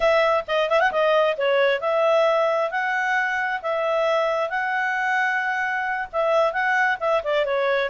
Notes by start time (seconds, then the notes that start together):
0.00 E5
0.47 D#5
0.69 E5
0.79 F#5
0.91 D#5
1.37 C#5
1.80 E5
2.70 F#5
3.62 E5
4.49 F#5
6.12 E5
6.52 F#5
7.00 E5
7.23 D5
7.45 C#5